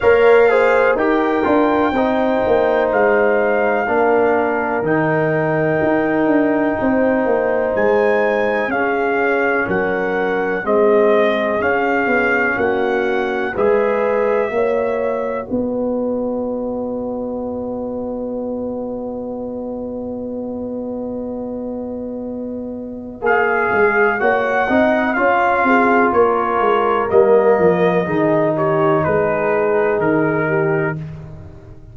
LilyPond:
<<
  \new Staff \with { instrumentName = "trumpet" } { \time 4/4 \tempo 4 = 62 f''4 g''2 f''4~ | f''4 g''2. | gis''4 f''4 fis''4 dis''4 | f''4 fis''4 e''2 |
dis''1~ | dis''1 | f''4 fis''4 f''4 cis''4 | dis''4. cis''8 b'4 ais'4 | }
  \new Staff \with { instrumentName = "horn" } { \time 4/4 cis''8 c''8 ais'4 c''2 | ais'2. c''4~ | c''4 gis'4 ais'4 gis'4~ | gis'4 fis'4 b'4 cis''4 |
b'1~ | b'1~ | b'4 cis''8 dis''8 cis''8 gis'8 ais'4~ | ais'4 gis'8 g'8 gis'4. g'8 | }
  \new Staff \with { instrumentName = "trombone" } { \time 4/4 ais'8 gis'8 g'8 f'8 dis'2 | d'4 dis'2.~ | dis'4 cis'2 c'4 | cis'2 gis'4 fis'4~ |
fis'1~ | fis'1 | gis'4 fis'8 dis'8 f'2 | ais4 dis'2. | }
  \new Staff \with { instrumentName = "tuba" } { \time 4/4 ais4 dis'8 d'8 c'8 ais8 gis4 | ais4 dis4 dis'8 d'8 c'8 ais8 | gis4 cis'4 fis4 gis4 | cis'8 b8 ais4 gis4 ais4 |
b1~ | b1 | ais8 gis8 ais8 c'8 cis'8 c'8 ais8 gis8 | g8 f8 dis4 gis4 dis4 | }
>>